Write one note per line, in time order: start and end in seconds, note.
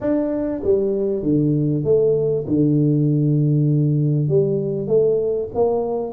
0.01 0.62 D4
0.63 1.22 G3
1.22 1.84 D3
1.84 2.45 A3
2.47 4.28 D3
4.28 4.87 G3
4.87 5.48 A3
5.54 6.13 A#3